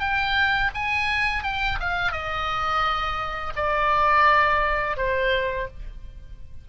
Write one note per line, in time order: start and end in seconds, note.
0.00 0.71 G5
0.74 1.43 G#5
1.43 1.78 G5
1.80 2.12 F5
2.12 3.53 D#5
3.56 4.96 D5
4.96 5.67 C5